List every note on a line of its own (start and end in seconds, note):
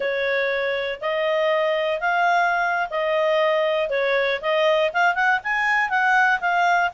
0.00 0.99 C#5
1.00 2.00 D#5
2.00 2.88 F5
2.90 3.89 D#5
3.89 4.40 C#5
4.41 4.91 D#5
4.93 5.14 F5
5.14 5.39 F#5
5.43 5.89 G#5
5.89 6.40 F#5
6.40 6.90 F5